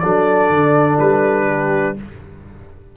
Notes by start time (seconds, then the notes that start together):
0.00 F#3 D4 A4 D5
0.50 D3
1.00 G3 B4
1.47 G4